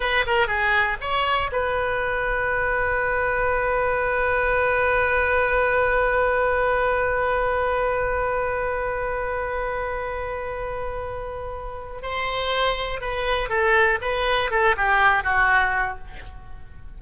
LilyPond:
\new Staff \with { instrumentName = "oboe" } { \time 4/4 \tempo 4 = 120 b'8 ais'8 gis'4 cis''4 b'4~ | b'1~ | b'1~ | b'1~ |
b'1~ | b'1 | c''2 b'4 a'4 | b'4 a'8 g'4 fis'4. | }